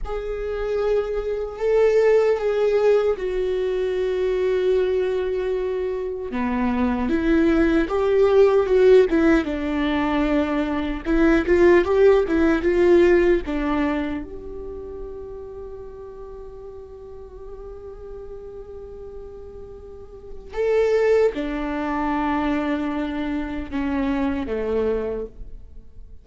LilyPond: \new Staff \with { instrumentName = "viola" } { \time 4/4 \tempo 4 = 76 gis'2 a'4 gis'4 | fis'1 | b4 e'4 g'4 fis'8 e'8 | d'2 e'8 f'8 g'8 e'8 |
f'4 d'4 g'2~ | g'1~ | g'2 a'4 d'4~ | d'2 cis'4 a4 | }